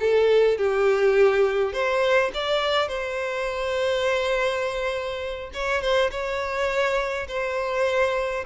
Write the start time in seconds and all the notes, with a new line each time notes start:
0.00 A4
0.58 G4
1.73 C5
2.34 D5
2.88 C5
5.53 C#5
5.81 C5
6.11 C#5
7.28 C5